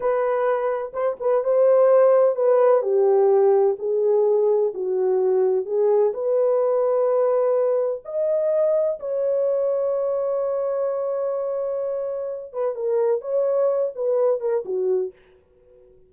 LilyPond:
\new Staff \with { instrumentName = "horn" } { \time 4/4 \tempo 4 = 127 b'2 c''8 b'8 c''4~ | c''4 b'4 g'2 | gis'2 fis'2 | gis'4 b'2.~ |
b'4 dis''2 cis''4~ | cis''1~ | cis''2~ cis''8 b'8 ais'4 | cis''4. b'4 ais'8 fis'4 | }